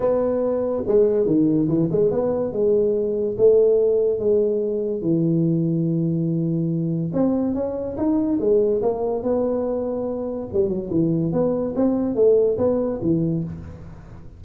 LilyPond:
\new Staff \with { instrumentName = "tuba" } { \time 4/4 \tempo 4 = 143 b2 gis4 dis4 | e8 gis8 b4 gis2 | a2 gis2 | e1~ |
e4 c'4 cis'4 dis'4 | gis4 ais4 b2~ | b4 g8 fis8 e4 b4 | c'4 a4 b4 e4 | }